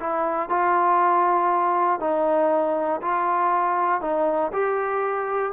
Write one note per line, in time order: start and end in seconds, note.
0.00 0.49 E4
0.49 2.00 F4
2.00 3.01 D#4
3.01 4.01 F4
4.01 4.51 D#4
4.53 5.52 G4